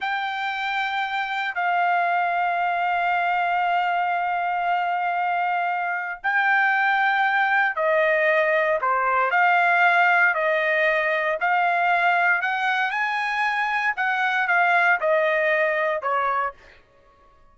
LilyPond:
\new Staff \with { instrumentName = "trumpet" } { \time 4/4 \tempo 4 = 116 g''2. f''4~ | f''1~ | f''1 | g''2. dis''4~ |
dis''4 c''4 f''2 | dis''2 f''2 | fis''4 gis''2 fis''4 | f''4 dis''2 cis''4 | }